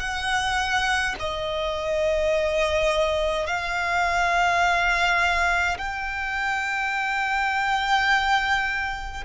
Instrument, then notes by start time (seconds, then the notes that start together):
violin
0.00 F#5
1.20 D#5
3.47 F5
5.78 G5